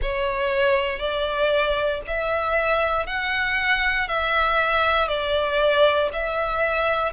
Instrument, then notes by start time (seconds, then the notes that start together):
violin
0.02 C#5
0.99 D5
2.07 E5
3.06 F#5
4.08 E5
5.08 D5
6.12 E5